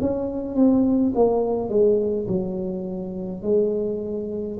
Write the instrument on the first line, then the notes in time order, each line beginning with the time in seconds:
tuba
0.00 C#4
0.55 C4
1.15 A#3
1.69 G#3
2.28 F#3
3.42 G#3